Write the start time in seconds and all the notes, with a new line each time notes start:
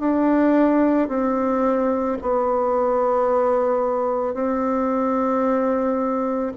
0.00 D4
1.09 C4
2.22 B3
4.34 C4